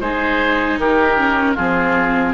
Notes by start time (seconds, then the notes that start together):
0.00 G#3 D#4 G#4 C5
0.78 D#3 G4 A#4
1.16 C#4
1.55 F3 C4 F4 G#4